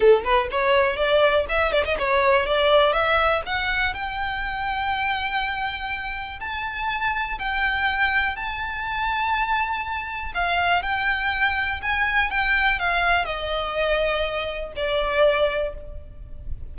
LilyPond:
\new Staff \with { instrumentName = "violin" } { \time 4/4 \tempo 4 = 122 a'8 b'8 cis''4 d''4 e''8 d''16 dis''16 | cis''4 d''4 e''4 fis''4 | g''1~ | g''4 a''2 g''4~ |
g''4 a''2.~ | a''4 f''4 g''2 | gis''4 g''4 f''4 dis''4~ | dis''2 d''2 | }